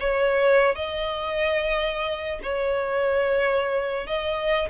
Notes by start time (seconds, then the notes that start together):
0.00 C#5
0.75 D#5
2.43 C#5
4.06 D#5